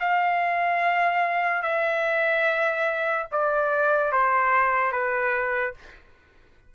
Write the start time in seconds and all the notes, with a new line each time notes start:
0.00 F5
1.62 E5
3.32 D5
4.12 C5
4.92 B4